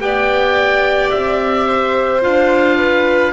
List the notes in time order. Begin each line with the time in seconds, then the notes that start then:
0.00 B3 G4 D5 G5
1.10 C4 E5
1.67 C5
2.21 D4 F4 F5
2.77 B4